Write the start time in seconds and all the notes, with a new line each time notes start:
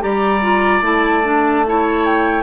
0.00 G3 G4 D5 A#5
0.42 F4
0.81 A3 E4 A5
1.24 D4
1.67 E4 C#5
2.05 G5